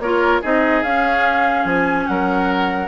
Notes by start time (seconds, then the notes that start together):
0.00 A#3 F4 A#4 C#5
0.42 C4 D#4 G#4 D#5
0.84 C#4 F5
1.65 F3 G#5
2.07 F#3 A#4 F#5